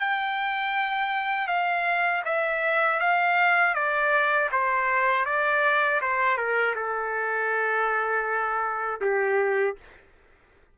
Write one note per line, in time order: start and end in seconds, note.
0.00 1.48 G5
1.48 2.23 F5
2.25 3.00 E5
3.00 3.75 F5
3.75 4.50 D5
4.52 5.26 C5
5.26 6.01 D5
6.02 6.38 C5
6.38 6.75 A#4
6.76 9.01 A4
9.01 9.76 G4